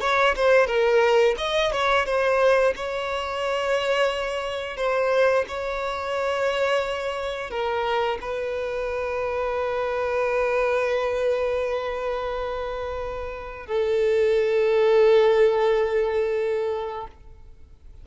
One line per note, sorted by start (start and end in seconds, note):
0.00 0.34 C#5
0.36 0.66 C5
0.66 1.35 A#4
1.37 1.71 D#5
1.72 2.05 C#5
2.05 2.73 C5
2.76 4.76 C#5
4.76 5.45 C5
5.48 7.50 C#5
7.50 8.18 A#4
8.21 13.66 B4
13.66 17.07 A4